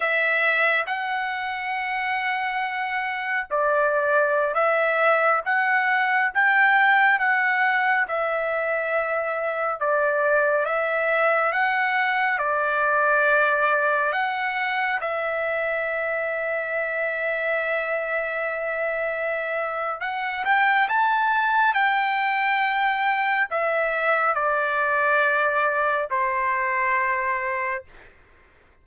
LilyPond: \new Staff \with { instrumentName = "trumpet" } { \time 4/4 \tempo 4 = 69 e''4 fis''2. | d''4~ d''16 e''4 fis''4 g''8.~ | g''16 fis''4 e''2 d''8.~ | d''16 e''4 fis''4 d''4.~ d''16~ |
d''16 fis''4 e''2~ e''8.~ | e''2. fis''8 g''8 | a''4 g''2 e''4 | d''2 c''2 | }